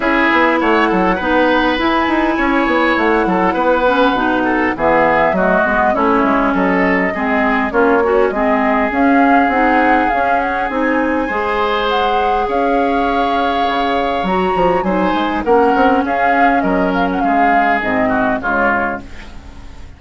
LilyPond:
<<
  \new Staff \with { instrumentName = "flute" } { \time 4/4 \tempo 4 = 101 e''4 fis''2 gis''4~ | gis''4 fis''2. | e''4 dis''4 cis''4 dis''4~ | dis''4 cis''4 dis''4 f''4 |
fis''4 f''8 fis''8 gis''2 | fis''4 f''2. | ais''4 gis''4 fis''4 f''4 | dis''8 f''16 fis''16 f''4 dis''4 cis''4 | }
  \new Staff \with { instrumentName = "oboe" } { \time 4/4 gis'4 cis''8 a'8 b'2 | cis''4. a'8 b'4. a'8 | gis'4 fis'4 e'4 a'4 | gis'4 f'8 cis'8 gis'2~ |
gis'2. c''4~ | c''4 cis''2.~ | cis''4 c''4 ais'4 gis'4 | ais'4 gis'4. fis'8 f'4 | }
  \new Staff \with { instrumentName = "clarinet" } { \time 4/4 e'2 dis'4 e'4~ | e'2~ e'8 cis'8 dis'4 | b4 a8 b8 cis'2 | c'4 cis'8 fis'8 c'4 cis'4 |
dis'4 cis'4 dis'4 gis'4~ | gis'1 | fis'4 dis'4 cis'2~ | cis'2 c'4 gis4 | }
  \new Staff \with { instrumentName = "bassoon" } { \time 4/4 cis'8 b8 a8 fis8 b4 e'8 dis'8 | cis'8 b8 a8 fis8 b4 b,4 | e4 fis8 gis8 a8 gis8 fis4 | gis4 ais4 gis4 cis'4 |
c'4 cis'4 c'4 gis4~ | gis4 cis'2 cis4 | fis8 f8 fis8 gis8 ais8 c'8 cis'4 | fis4 gis4 gis,4 cis4 | }
>>